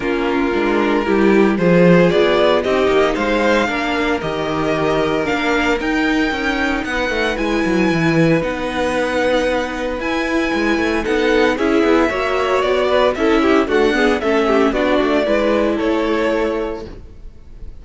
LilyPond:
<<
  \new Staff \with { instrumentName = "violin" } { \time 4/4 \tempo 4 = 114 ais'2. c''4 | d''4 dis''4 f''2 | dis''2 f''4 g''4~ | g''4 fis''4 gis''2 |
fis''2. gis''4~ | gis''4 fis''4 e''2 | d''4 e''4 fis''4 e''4 | d''2 cis''2 | }
  \new Staff \with { instrumentName = "violin" } { \time 4/4 f'2 g'4 gis'4~ | gis'4 g'4 c''4 ais'4~ | ais'1~ | ais'4 b'2.~ |
b'1~ | b'4 a'4 gis'4 cis''4~ | cis''8 b'8 a'8 g'8 fis'8 gis'8 a'8 g'8 | fis'4 b'4 a'2 | }
  \new Staff \with { instrumentName = "viola" } { \time 4/4 cis'4 d'4 e'4 f'4~ | f'4 dis'2 d'4 | g'2 d'4 dis'4~ | dis'2 e'2 |
dis'2. e'4~ | e'4 dis'4 e'4 fis'4~ | fis'4 e'4 a8 b8 cis'4 | d'4 e'2. | }
  \new Staff \with { instrumentName = "cello" } { \time 4/4 ais4 gis4 g4 f4 | b4 c'8 ais8 gis4 ais4 | dis2 ais4 dis'4 | cis'4 b8 a8 gis8 fis8 e4 |
b2. e'4 | gis8 a8 b4 cis'8 b8 ais4 | b4 cis'4 d'4 a4 | b8 a8 gis4 a2 | }
>>